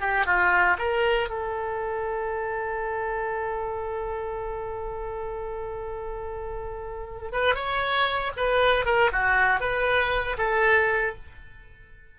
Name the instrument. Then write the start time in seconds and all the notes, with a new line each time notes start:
oboe
0.00 G4
0.25 F4
0.78 A#4
1.29 A4
7.32 B4
7.55 C#5
8.36 B4
8.85 A#4
9.12 F#4
9.60 B4
10.38 A4